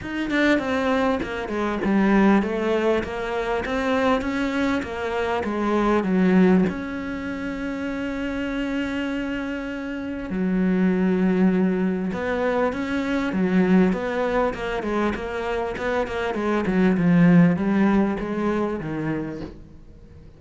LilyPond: \new Staff \with { instrumentName = "cello" } { \time 4/4 \tempo 4 = 99 dis'8 d'8 c'4 ais8 gis8 g4 | a4 ais4 c'4 cis'4 | ais4 gis4 fis4 cis'4~ | cis'1~ |
cis'4 fis2. | b4 cis'4 fis4 b4 | ais8 gis8 ais4 b8 ais8 gis8 fis8 | f4 g4 gis4 dis4 | }